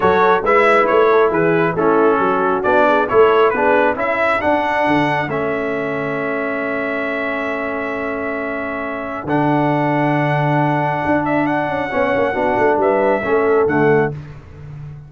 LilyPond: <<
  \new Staff \with { instrumentName = "trumpet" } { \time 4/4 \tempo 4 = 136 cis''4 e''4 cis''4 b'4 | a'2 d''4 cis''4 | b'4 e''4 fis''2 | e''1~ |
e''1~ | e''4 fis''2.~ | fis''4. e''8 fis''2~ | fis''4 e''2 fis''4 | }
  \new Staff \with { instrumentName = "horn" } { \time 4/4 a'4 b'4. a'8 gis'4 | e'4 fis'4. gis'8 a'4 | gis'4 a'2.~ | a'1~ |
a'1~ | a'1~ | a'2. cis''4 | fis'4 b'4 a'2 | }
  \new Staff \with { instrumentName = "trombone" } { \time 4/4 fis'4 e'2. | cis'2 d'4 e'4 | d'4 e'4 d'2 | cis'1~ |
cis'1~ | cis'4 d'2.~ | d'2. cis'4 | d'2 cis'4 a4 | }
  \new Staff \with { instrumentName = "tuba" } { \time 4/4 fis4 gis4 a4 e4 | a4 fis4 b4 a4 | b4 cis'4 d'4 d4 | a1~ |
a1~ | a4 d2.~ | d4 d'4. cis'8 b8 ais8 | b8 a8 g4 a4 d4 | }
>>